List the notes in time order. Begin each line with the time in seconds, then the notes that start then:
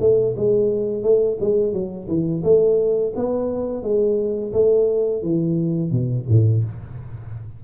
0.00 A3
0.36 G#3
1.03 A3
1.40 G#3
1.73 F#3
2.08 E3
2.44 A3
3.16 B3
3.83 G#3
4.53 A3
5.23 E3
5.91 B2
6.29 A2